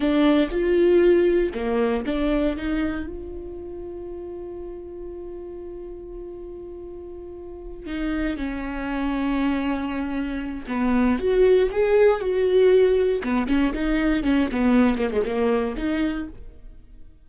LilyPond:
\new Staff \with { instrumentName = "viola" } { \time 4/4 \tempo 4 = 118 d'4 f'2 ais4 | d'4 dis'4 f'2~ | f'1~ | f'2.~ f'8 dis'8~ |
dis'8 cis'2.~ cis'8~ | cis'4 b4 fis'4 gis'4 | fis'2 b8 cis'8 dis'4 | cis'8 b4 ais16 gis16 ais4 dis'4 | }